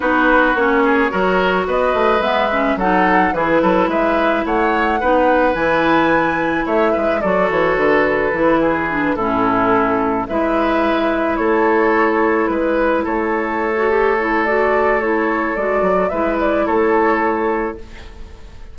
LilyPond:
<<
  \new Staff \with { instrumentName = "flute" } { \time 4/4 \tempo 4 = 108 b'4 cis''2 dis''4 | e''4 fis''4 b'4 e''4 | fis''2 gis''2 | e''4 d''8 cis''8 b'2~ |
b'8 a'2 e''4.~ | e''8 cis''2 b'4 cis''8~ | cis''2 d''4 cis''4 | d''4 e''8 d''8 cis''2 | }
  \new Staff \with { instrumentName = "oboe" } { \time 4/4 fis'4. gis'8 ais'4 b'4~ | b'4 a'4 gis'8 a'8 b'4 | cis''4 b'2. | cis''8 b'8 a'2~ a'8 gis'8~ |
gis'8 e'2 b'4.~ | b'8 a'2 b'4 a'8~ | a'1~ | a'4 b'4 a'2 | }
  \new Staff \with { instrumentName = "clarinet" } { \time 4/4 dis'4 cis'4 fis'2 | b8 cis'8 dis'4 e'2~ | e'4 dis'4 e'2~ | e'4 fis'2 e'4 |
d'8 cis'2 e'4.~ | e'1~ | e'8. fis'16 g'8 e'8 fis'4 e'4 | fis'4 e'2. | }
  \new Staff \with { instrumentName = "bassoon" } { \time 4/4 b4 ais4 fis4 b8 a8 | gis4 fis4 e8 fis8 gis4 | a4 b4 e2 | a8 gis8 fis8 e8 d4 e4~ |
e8 a,2 gis4.~ | gis8 a2 gis4 a8~ | a1 | gis8 fis8 gis4 a2 | }
>>